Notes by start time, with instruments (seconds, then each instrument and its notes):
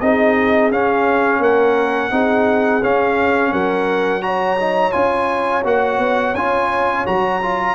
0.00 tuba C4, trombone D#4, horn G#4, trumpet D#5
0.71 tuba C#4, trombone C#4, trumpet F5
1.39 tuba A#3, horn A#4, trumpet F#5
2.10 tuba C4, trombone D#4, horn G#4
2.82 tuba C#4, trombone C#4, trumpet F5
3.51 tuba F#3, horn A#4, trumpet F#5
4.21 trombone F#4, horn C#5, trumpet A#5
4.60 trombone D#4
4.91 tuba C#4, trombone F4, trumpet G#5
5.64 tuba A#3, trombone F#4, trumpet F#5
5.98 tuba B3
6.34 tuba C#4, trombone F4, trumpet G#5
7.05 tuba F#3, trombone F#4, trumpet A#5
7.42 trombone F4